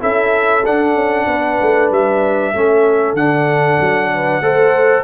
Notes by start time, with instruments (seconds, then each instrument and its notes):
0.00 tuba C#4, trombone E4, horn A4, trumpet E5
0.66 trombone D4, tuba D4, trumpet F#5
0.95 tuba C#4
1.27 tuba B3, horn B4
1.61 tuba A3
1.91 tuba G3, trumpet E5
2.54 tuba A3, trombone C#4, horn A4
3.14 tuba D3, trombone D4, trumpet F#5
3.80 tuba F#3
4.14 horn B4
4.41 tuba A3, trombone A4, horn C5